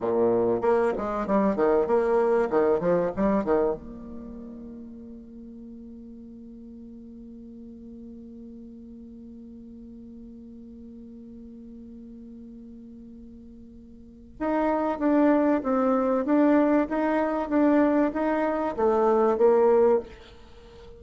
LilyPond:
\new Staff \with { instrumentName = "bassoon" } { \time 4/4 \tempo 4 = 96 ais,4 ais8 gis8 g8 dis8 ais4 | dis8 f8 g8 dis8 ais2~ | ais1~ | ais1~ |
ais1~ | ais2. dis'4 | d'4 c'4 d'4 dis'4 | d'4 dis'4 a4 ais4 | }